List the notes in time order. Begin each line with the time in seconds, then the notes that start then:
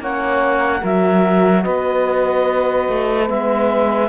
0.00 A#3 C#4 C#5 F#5
0.79 F#3 F#4 A#4 E5
1.63 B3 B4 D#5
2.89 A3
3.27 G#3 B3 E5